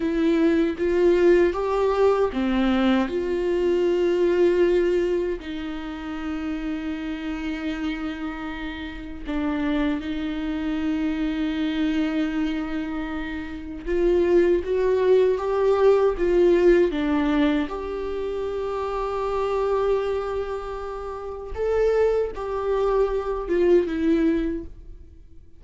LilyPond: \new Staff \with { instrumentName = "viola" } { \time 4/4 \tempo 4 = 78 e'4 f'4 g'4 c'4 | f'2. dis'4~ | dis'1 | d'4 dis'2.~ |
dis'2 f'4 fis'4 | g'4 f'4 d'4 g'4~ | g'1 | a'4 g'4. f'8 e'4 | }